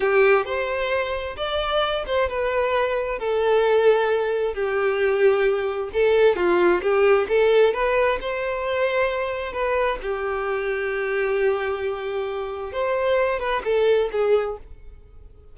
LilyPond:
\new Staff \with { instrumentName = "violin" } { \time 4/4 \tempo 4 = 132 g'4 c''2 d''4~ | d''8 c''8 b'2 a'4~ | a'2 g'2~ | g'4 a'4 f'4 g'4 |
a'4 b'4 c''2~ | c''4 b'4 g'2~ | g'1 | c''4. b'8 a'4 gis'4 | }